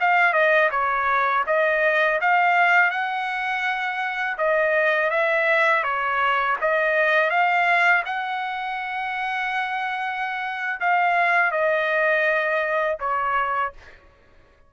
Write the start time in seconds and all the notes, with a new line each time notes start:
0.00 F5
0.33 D#5
0.71 C#5
1.46 D#5
2.21 F5
2.90 F#5
4.38 D#5
5.10 E5
5.83 C#5
6.61 D#5
7.30 F5
8.05 F#5
10.80 F5
11.51 D#5
12.99 C#5